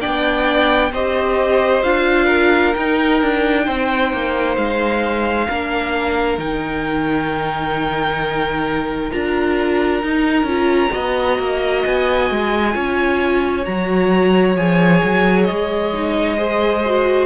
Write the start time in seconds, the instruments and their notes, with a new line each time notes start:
0.00 cello B3, viola D4, violin D5 G5
0.92 cello C4, viola G4, violin C5 D#5
1.83 cello D4, viola F4, violin F5
2.25 violin A#4
2.73 viola D#4, cello D#4, violin G5
3.22 cello D4
3.66 cello C4, violin C5
4.12 cello A#3
4.57 cello G#3, violin F5
5.48 cello A#3, viola D4, violin A#4
6.38 cello D#3, viola D#4, violin G5
9.11 cello D4, viola F4, violin A#5
10.02 cello D#4, viola D#4
10.43 cello C#4, viola F4
10.90 cello B3, viola F#4, violin D#5
11.38 cello A#3
11.85 cello B3, violin G#5
12.30 cello G#3
12.72 cello C#4, viola F4, violin C#5
13.65 cello F#3, viola F#4, violin A#5
14.56 cello F3, viola G#4, violin G#5
15.03 cello F#3
15.44 violin D#5
15.50 cello G#3
15.93 viola D#4
16.37 viola G#4, violin C5
16.85 viola F#4